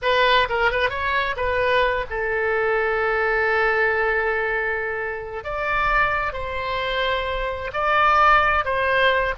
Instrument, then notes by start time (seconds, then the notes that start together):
oboe
0.01 B4
0.49 A#4
0.71 B4
0.89 C#5
1.36 B4
2.10 A4
5.44 D5
6.32 C5
7.73 D5
8.64 C5